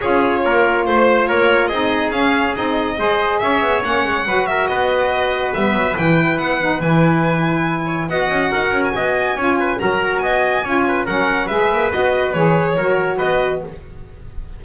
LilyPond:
<<
  \new Staff \with { instrumentName = "violin" } { \time 4/4 \tempo 4 = 141 cis''2 c''4 cis''4 | dis''4 f''4 dis''2 | e''4 fis''4. e''8 dis''4~ | dis''4 e''4 g''4 fis''4 |
gis''2. fis''4~ | fis''8. gis''2~ gis''16 ais''4 | gis''2 fis''4 e''4 | dis''4 cis''2 dis''4 | }
  \new Staff \with { instrumentName = "trumpet" } { \time 4/4 gis'4 ais'4 c''4 ais'4 | gis'2. c''4 | cis''2 b'8 ais'8 b'4~ | b'1~ |
b'2~ b'8 cis''8 dis''4 | ais'4 dis''4 cis''8 b'8 ais'4 | dis''4 cis''8 b'8 ais'4 b'4~ | b'2 ais'4 b'4 | }
  \new Staff \with { instrumentName = "saxophone" } { \time 4/4 f'1 | dis'4 cis'4 dis'4 gis'4~ | gis'4 cis'4 fis'2~ | fis'4 b4 e'4. dis'8 |
e'2. fis'4~ | fis'2 f'4 fis'4~ | fis'4 f'4 cis'4 gis'4 | fis'4 gis'4 fis'2 | }
  \new Staff \with { instrumentName = "double bass" } { \time 4/4 cis'4 ais4 a4 ais4 | c'4 cis'4 c'4 gis4 | cis'8 b8 ais8 gis8 fis4 b4~ | b4 g8 fis8 e4 b4 |
e2. b8 cis'8 | dis'8 cis'8 b4 cis'4 fis4 | b4 cis'4 fis4 gis8 ais8 | b4 e4 fis4 b4 | }
>>